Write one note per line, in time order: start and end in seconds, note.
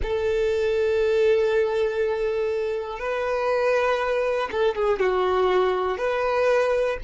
0.02 2.99 A4
2.99 4.49 B4
4.50 4.75 A4
4.75 5.00 G#4
5.00 5.97 F#4
5.97 6.97 B4